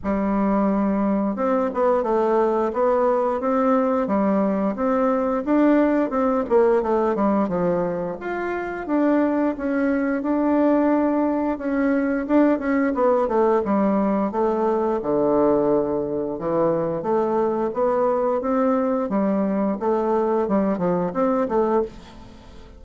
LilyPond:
\new Staff \with { instrumentName = "bassoon" } { \time 4/4 \tempo 4 = 88 g2 c'8 b8 a4 | b4 c'4 g4 c'4 | d'4 c'8 ais8 a8 g8 f4 | f'4 d'4 cis'4 d'4~ |
d'4 cis'4 d'8 cis'8 b8 a8 | g4 a4 d2 | e4 a4 b4 c'4 | g4 a4 g8 f8 c'8 a8 | }